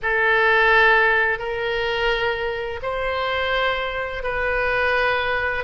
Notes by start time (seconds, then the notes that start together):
0.02 A4
1.38 A#4
2.82 C5
4.23 B4